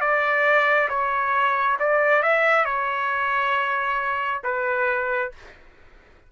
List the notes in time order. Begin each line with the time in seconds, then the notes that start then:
0.00 D5
0.89 C#5
1.79 D5
2.22 E5
2.65 C#5
4.43 B4